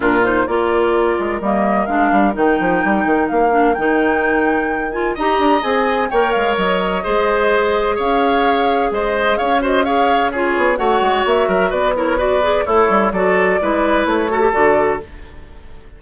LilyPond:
<<
  \new Staff \with { instrumentName = "flute" } { \time 4/4 \tempo 4 = 128 ais'8 c''8 d''2 dis''4 | f''4 g''2 f''4 | g''2~ g''8 gis''8 ais''4 | gis''4 g''8 f''8 dis''2~ |
dis''4 f''2 dis''4 | f''8 dis''8 f''4 cis''4 fis''4 | e''4 d''8 cis''8 d''4 cis''4 | d''2 cis''4 d''4 | }
  \new Staff \with { instrumentName = "oboe" } { \time 4/4 f'4 ais'2.~ | ais'1~ | ais'2. dis''4~ | dis''4 cis''2 c''4~ |
c''4 cis''2 c''4 | cis''8 c''8 cis''4 gis'4 cis''4~ | cis''8 ais'8 b'8 ais'8 b'4 e'4 | a'4 b'4. a'4. | }
  \new Staff \with { instrumentName = "clarinet" } { \time 4/4 d'8 dis'8 f'2 ais4 | d'4 dis'2~ dis'8 d'8 | dis'2~ dis'8 f'8 g'4 | gis'4 ais'2 gis'4~ |
gis'1~ | gis'8 fis'8 gis'4 f'4 fis'4~ | fis'4. e'8 fis'8 gis'8 a'4 | fis'4 e'4. fis'16 g'16 fis'4 | }
  \new Staff \with { instrumentName = "bassoon" } { \time 4/4 ais,4 ais4. gis8 g4 | gis8 g8 dis8 f8 g8 dis8 ais4 | dis2. dis'8 d'8 | c'4 ais8 gis8 fis4 gis4~ |
gis4 cis'2 gis4 | cis'2~ cis'8 b8 a8 gis8 | ais8 fis8 b2 a8 g8 | fis4 gis4 a4 d4 | }
>>